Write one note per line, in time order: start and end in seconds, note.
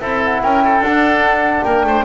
0.00 0.42 C4
0.00 0.83 E4
0.00 0.42 A4
0.00 0.20 E5
0.24 0.43 F#5
0.43 0.80 C#4
0.43 0.63 A#4
0.43 0.83 G5
0.64 1.65 A4
0.80 1.62 D4
0.80 2.05 D4
0.80 1.64 F#5
1.64 1.84 A#3
1.64 1.86 A#4
1.64 2.05 G5
1.84 2.04 A3
1.84 2.05 C5